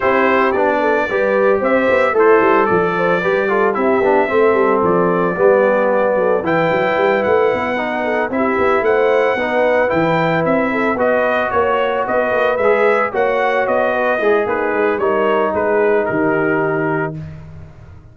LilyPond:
<<
  \new Staff \with { instrumentName = "trumpet" } { \time 4/4 \tempo 4 = 112 c''4 d''2 e''4 | c''4 d''2 e''4~ | e''4 d''2. | g''4. fis''2 e''8~ |
e''8 fis''2 g''4 e''8~ | e''8 dis''4 cis''4 dis''4 e''8~ | e''8 fis''4 dis''4. b'4 | cis''4 b'4 ais'2 | }
  \new Staff \with { instrumentName = "horn" } { \time 4/4 g'4. a'8 b'4 c''4 | e'4 a'8 c''8 b'8 a'8 g'4 | a'2 g'4. a'8 | b'2. a'8 g'8~ |
g'8 c''4 b'2~ b'8 | a'8 b'4 cis''4 b'4.~ | b'8 cis''4. b'8 e'8 dis'4 | ais'4 gis'4 g'2 | }
  \new Staff \with { instrumentName = "trombone" } { \time 4/4 e'4 d'4 g'2 | a'2 g'8 f'8 e'8 d'8 | c'2 b2 | e'2~ e'8 dis'4 e'8~ |
e'4. dis'4 e'4.~ | e'8 fis'2. gis'8~ | gis'8 fis'2 gis'4. | dis'1 | }
  \new Staff \with { instrumentName = "tuba" } { \time 4/4 c'4 b4 g4 c'8 b8 | a8 g8 f4 g4 c'8 b8 | a8 g8 f4 g4. fis8 | e8 fis8 g8 a8 b4. c'8 |
b8 a4 b4 e4 c'8~ | c'8 b4 ais4 b8 ais8 gis8~ | gis8 ais4 b4 gis8 ais8 gis8 | g4 gis4 dis2 | }
>>